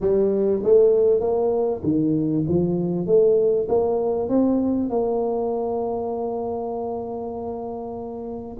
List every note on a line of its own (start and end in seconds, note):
0.00 0.62 G3
0.63 1.20 A3
1.20 1.81 A#3
1.83 2.44 D#3
2.48 3.06 F3
3.06 3.67 A3
3.68 4.29 A#3
4.29 4.89 C4
4.89 8.57 A#3